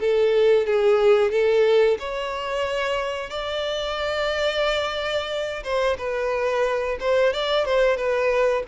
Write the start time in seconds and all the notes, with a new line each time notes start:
0.00 A4
0.66 G#4
1.31 A4
1.99 C#5
3.30 D5
5.63 C5
5.98 B4
7.00 C5
7.33 D5
7.65 C5
7.96 B4